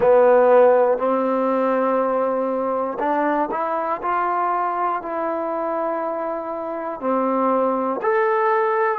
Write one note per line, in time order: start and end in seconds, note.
0.00 0.98 B3
0.98 2.98 C4
2.99 3.49 D4
3.50 4.00 E4
4.01 5.01 F4
5.01 7.00 E4
7.00 8.00 C4
8.02 8.98 A4